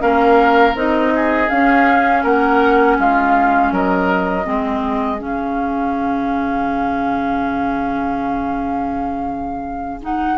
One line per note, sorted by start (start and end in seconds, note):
0.00 0.75 A#3
0.00 0.74 C#4
0.00 1.13 A#4
0.00 0.75 F5
0.75 1.49 C4
0.75 1.48 D#4
0.75 1.50 D#5
1.16 2.23 G#4
1.48 4.44 C#4
1.48 2.24 C#4
1.48 2.24 F5
2.23 2.98 A#3
2.23 2.97 A#4
2.23 2.99 F#5
2.99 3.72 G#3
2.99 3.73 F4
2.99 3.74 F5
3.72 4.46 F#3
3.72 4.46 A#4
3.72 5.20 D#5
4.44 5.21 G#3
4.44 5.18 C4
4.44 10.38 G#4
5.19 10.38 C#3
5.19 10.00 C#4
5.19 10.01 F5
10.01 10.38 D#4
10.01 10.38 F#5